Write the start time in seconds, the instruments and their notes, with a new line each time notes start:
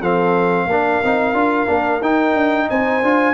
0.00 tuba F3, trombone C4, horn A4, trumpet F5
0.67 tuba A#3, trombone D4, horn A#4
1.04 tuba C4, trombone D#4
1.33 tuba D4, trombone F4
1.67 tuba A#3, trombone D4
2.01 tuba D#4, trombone D#4, trumpet G5
2.34 tuba D4
2.69 tuba C4, horn C5, trumpet G#5
3.03 tuba D4, trombone F4